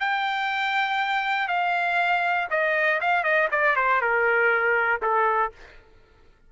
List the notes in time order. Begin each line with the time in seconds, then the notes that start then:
0.00 G5
1.48 F5
2.50 D#5
3.01 F5
3.24 D#5
3.51 D5
3.76 C5
4.01 A#4
5.02 A4